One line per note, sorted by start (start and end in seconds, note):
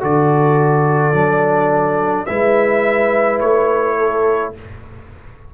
0.00 1.13 D3
0.00 1.13 F#4
0.00 2.28 A4
0.00 2.26 D5
1.13 2.26 F#3
1.13 2.27 D4
2.26 3.41 G#3
2.26 4.54 E4
2.26 3.98 B4
2.26 3.39 E5
3.40 4.54 A3
3.40 4.53 C#5
3.98 4.54 A4